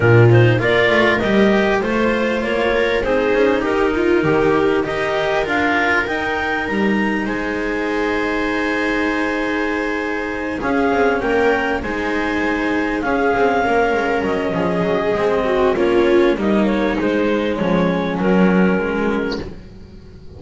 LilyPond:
<<
  \new Staff \with { instrumentName = "clarinet" } { \time 4/4 \tempo 4 = 99 ais'8 c''8 d''4 dis''4 c''4 | cis''4 c''4 ais'2 | dis''4 f''4 g''4 ais''4 | gis''1~ |
gis''4. f''4 g''4 gis''8~ | gis''4. f''2 dis''8~ | dis''2 cis''4 dis''8 cis''8 | c''4 cis''4 ais'2 | }
  \new Staff \with { instrumentName = "viola" } { \time 4/4 f'4 ais'2 c''4~ | c''8 ais'8 gis'4 g'8 f'8 g'4 | ais'1 | c''1~ |
c''4. gis'4 ais'4 c''8~ | c''4. gis'4 ais'4. | gis'4. fis'8 f'4 dis'4~ | dis'4 cis'2. | }
  \new Staff \with { instrumentName = "cello" } { \time 4/4 d'8 dis'8 f'4 g'4 f'4~ | f'4 dis'2. | g'4 f'4 dis'2~ | dis'1~ |
dis'4. cis'2 dis'8~ | dis'4. cis'2~ cis'8~ | cis'4 c'4 cis'4 ais4 | gis2 fis4 gis4 | }
  \new Staff \with { instrumentName = "double bass" } { \time 4/4 ais,4 ais8 a8 g4 a4 | ais4 c'8 cis'8 dis'4 dis4 | dis'4 d'4 dis'4 g4 | gis1~ |
gis4. cis'8 c'8 ais4 gis8~ | gis4. cis'8 c'8 ais8 gis8 fis8 | f8 fis8 gis4 ais4 g4 | gis4 f4 fis2 | }
>>